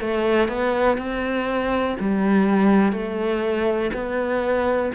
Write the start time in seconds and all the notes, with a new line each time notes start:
0.00 A3
0.48 B3
0.97 C4
1.99 G3
2.92 A3
3.93 B3